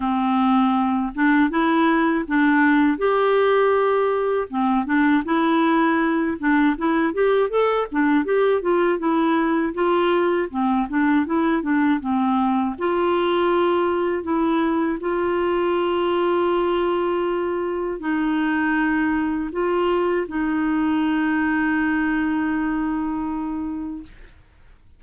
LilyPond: \new Staff \with { instrumentName = "clarinet" } { \time 4/4 \tempo 4 = 80 c'4. d'8 e'4 d'4 | g'2 c'8 d'8 e'4~ | e'8 d'8 e'8 g'8 a'8 d'8 g'8 f'8 | e'4 f'4 c'8 d'8 e'8 d'8 |
c'4 f'2 e'4 | f'1 | dis'2 f'4 dis'4~ | dis'1 | }